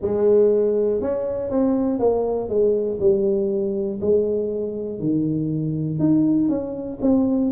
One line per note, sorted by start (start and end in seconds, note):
0.01 1.00 G#3
1.00 1.50 C#4
1.50 1.99 C4
1.99 2.49 A#3
2.49 2.99 G#3
3.00 4.00 G3
4.00 5.00 G#3
5.00 5.99 D#3
5.99 6.48 D#4
6.48 6.98 C#4
7.01 7.51 C4